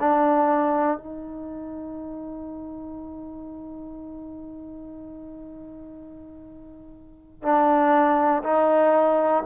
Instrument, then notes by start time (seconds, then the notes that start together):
trombone
0.00 D4
0.98 D#4
7.43 D4
8.44 D#4